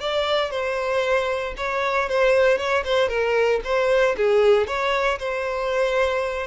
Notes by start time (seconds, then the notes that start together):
0.00 D5
0.50 C5
1.57 C#5
2.09 C5
2.57 C#5
2.84 C5
3.08 A#4
3.64 C5
4.17 G#4
4.66 C#5
5.18 C5